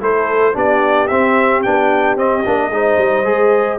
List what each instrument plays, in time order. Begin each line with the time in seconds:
0.00 tuba A3, trombone E4, horn A4, trumpet C5
0.53 tuba B3, trombone D4, horn G4, trumpet D5
1.07 tuba C4, trombone C4, trumpet E5
1.62 tuba B3, trombone D4, trumpet G5
2.16 tuba C4, trombone C4, trumpet D#5
2.44 tuba A#3, trombone D4
2.69 tuba G#3, trombone D#4, horn C5
2.97 tuba G3
3.24 tuba G#3, trombone G#4